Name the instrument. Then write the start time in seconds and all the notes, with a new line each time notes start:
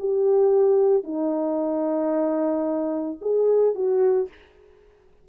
horn
0.00 G4
1.04 D#4
3.21 G#4
3.75 F#4